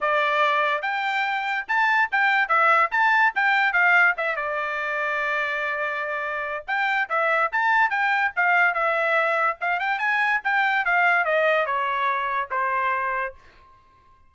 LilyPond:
\new Staff \with { instrumentName = "trumpet" } { \time 4/4 \tempo 4 = 144 d''2 g''2 | a''4 g''4 e''4 a''4 | g''4 f''4 e''8 d''4.~ | d''1 |
g''4 e''4 a''4 g''4 | f''4 e''2 f''8 g''8 | gis''4 g''4 f''4 dis''4 | cis''2 c''2 | }